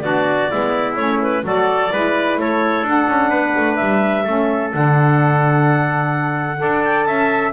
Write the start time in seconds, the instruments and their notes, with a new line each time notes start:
0.00 double bass B3, saxophone D4, trumpet F#4, clarinet D5
0.51 double bass G#3, saxophone B3, trumpet E4
0.96 double bass A3, saxophone C#4, clarinet C#5
1.22 clarinet B4
1.43 double bass F#3, saxophone F#4, trumpet A4, clarinet D5
1.92 double bass G#3, saxophone E4, trumpet B4
2.36 double bass A3, trumpet A4, clarinet C#5
2.82 double bass D4, saxophone D4
2.89 clarinet F#5
3.08 double bass C#4
3.30 double bass B3, trumpet B4
3.56 double bass A3
3.75 double bass G3, clarinet E5
4.24 double bass A3, saxophone C#4, trumpet A4
4.72 double bass D3, saxophone D4, clarinet F#5
6.58 double bass D4, saxophone A4, trumpet D5
6.84 clarinet G5
7.03 double bass C#4, trumpet E5, clarinet A5